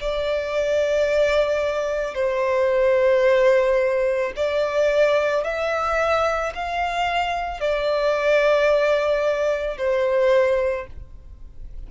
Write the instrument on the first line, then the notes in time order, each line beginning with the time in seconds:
violin
0.00 D5
2.14 C5
4.35 D5
5.43 E5
6.55 F5
7.60 D5
9.77 C5